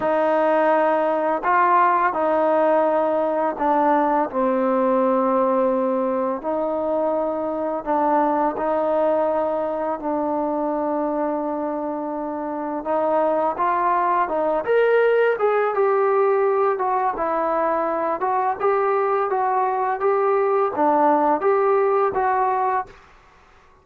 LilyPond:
\new Staff \with { instrumentName = "trombone" } { \time 4/4 \tempo 4 = 84 dis'2 f'4 dis'4~ | dis'4 d'4 c'2~ | c'4 dis'2 d'4 | dis'2 d'2~ |
d'2 dis'4 f'4 | dis'8 ais'4 gis'8 g'4. fis'8 | e'4. fis'8 g'4 fis'4 | g'4 d'4 g'4 fis'4 | }